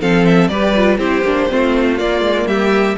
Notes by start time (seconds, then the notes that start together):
0.00 F3 C4 A4 F5
0.25 E5
0.48 G3 G4 B4 D5
0.76 F4
0.97 C4 E4 G4 C5
1.21 A#3 D4
1.49 A3 C4 F4
1.97 A#3 D5
2.20 G#3
2.46 G3 G4 E5